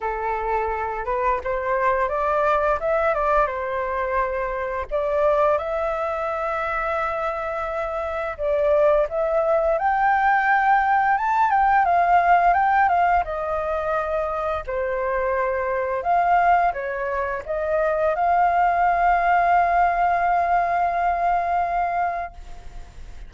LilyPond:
\new Staff \with { instrumentName = "flute" } { \time 4/4 \tempo 4 = 86 a'4. b'8 c''4 d''4 | e''8 d''8 c''2 d''4 | e''1 | d''4 e''4 g''2 |
a''8 g''8 f''4 g''8 f''8 dis''4~ | dis''4 c''2 f''4 | cis''4 dis''4 f''2~ | f''1 | }